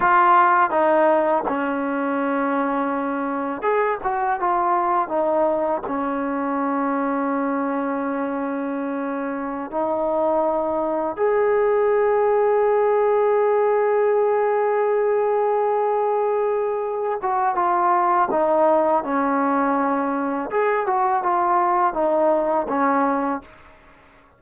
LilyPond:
\new Staff \with { instrumentName = "trombone" } { \time 4/4 \tempo 4 = 82 f'4 dis'4 cis'2~ | cis'4 gis'8 fis'8 f'4 dis'4 | cis'1~ | cis'4~ cis'16 dis'2 gis'8.~ |
gis'1~ | gis'2.~ gis'8 fis'8 | f'4 dis'4 cis'2 | gis'8 fis'8 f'4 dis'4 cis'4 | }